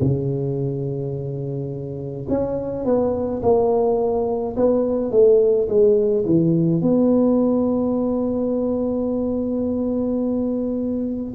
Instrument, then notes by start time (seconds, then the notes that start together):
tuba
0.00 C#3
2.28 C#4
2.85 B3
3.42 A#3
4.56 B3
5.11 A3
5.68 G#3
6.25 E3
6.81 B3